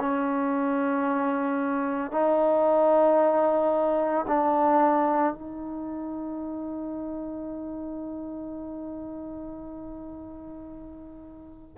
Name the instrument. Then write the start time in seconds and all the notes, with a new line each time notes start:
trombone
0.00 C#4
2.12 D#4
4.28 D4
5.34 D#4